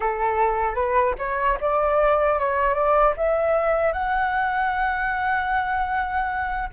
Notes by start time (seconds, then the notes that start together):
0.00 A4
0.75 B4
1.18 C#5
1.60 D5
2.39 C#5
2.74 D5
3.16 E5
3.93 F#5